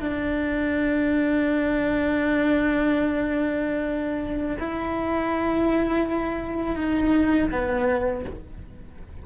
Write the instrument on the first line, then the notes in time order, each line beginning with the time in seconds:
cello
0.00 D4
4.59 E4
6.76 D#4
7.52 B3